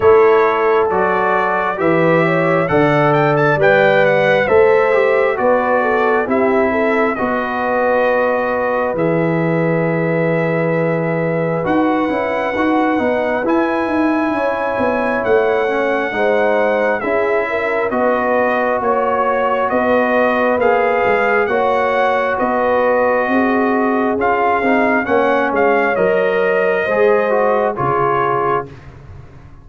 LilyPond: <<
  \new Staff \with { instrumentName = "trumpet" } { \time 4/4 \tempo 4 = 67 cis''4 d''4 e''4 fis''8 g''16 a''16 | g''8 fis''8 e''4 d''4 e''4 | dis''2 e''2~ | e''4 fis''2 gis''4~ |
gis''4 fis''2 e''4 | dis''4 cis''4 dis''4 f''4 | fis''4 dis''2 f''4 | fis''8 f''8 dis''2 cis''4 | }
  \new Staff \with { instrumentName = "horn" } { \time 4/4 a'2 b'8 cis''8 d''4~ | d''4 c''4 b'8 a'8 g'8 a'8 | b'1~ | b'1 |
cis''2 c''4 gis'8 ais'8 | b'4 cis''4 b'2 | cis''4 b'4 gis'2 | cis''2 c''4 gis'4 | }
  \new Staff \with { instrumentName = "trombone" } { \time 4/4 e'4 fis'4 g'4 a'4 | b'4 a'8 g'8 fis'4 e'4 | fis'2 gis'2~ | gis'4 fis'8 e'8 fis'8 dis'8 e'4~ |
e'4. cis'8 dis'4 e'4 | fis'2. gis'4 | fis'2. f'8 dis'8 | cis'4 ais'4 gis'8 fis'8 f'4 | }
  \new Staff \with { instrumentName = "tuba" } { \time 4/4 a4 fis4 e4 d4 | g4 a4 b4 c'4 | b2 e2~ | e4 dis'8 cis'8 dis'8 b8 e'8 dis'8 |
cis'8 b8 a4 gis4 cis'4 | b4 ais4 b4 ais8 gis8 | ais4 b4 c'4 cis'8 c'8 | ais8 gis8 fis4 gis4 cis4 | }
>>